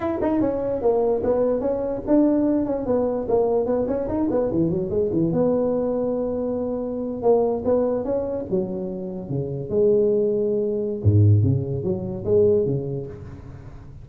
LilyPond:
\new Staff \with { instrumentName = "tuba" } { \time 4/4 \tempo 4 = 147 e'8 dis'8 cis'4 ais4 b4 | cis'4 d'4. cis'8 b4 | ais4 b8 cis'8 dis'8 b8 e8 fis8 | gis8 e8 b2.~ |
b4.~ b16 ais4 b4 cis'16~ | cis'8. fis2 cis4 gis16~ | gis2. gis,4 | cis4 fis4 gis4 cis4 | }